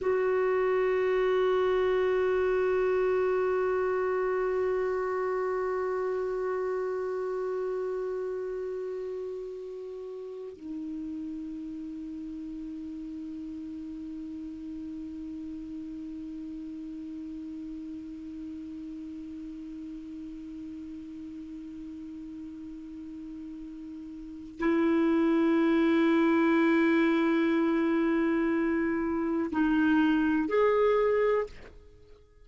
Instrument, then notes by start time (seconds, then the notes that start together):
clarinet
0.00 F#4
10.56 D#4
24.59 E4
29.51 D#4
30.48 G#4